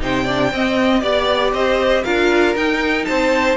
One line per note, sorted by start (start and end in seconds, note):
0.00 0.52 C3
0.00 0.26 D#4
0.00 0.25 C5
0.00 1.00 G5
0.25 0.54 D4
0.25 0.50 D5
0.52 1.03 C4
0.52 1.03 D#5
1.00 1.53 B3
1.00 2.05 G4
1.00 1.51 D5
1.00 1.54 D5
1.53 2.04 C4
1.53 2.04 C5
1.53 2.04 D#5
2.04 2.56 D4
2.04 2.57 F4
2.04 3.07 A#4
2.04 2.55 F5
2.56 3.07 D#4
2.56 3.57 D#4
2.56 3.05 G5
3.05 3.57 C4
3.05 3.57 C5
3.05 3.56 A5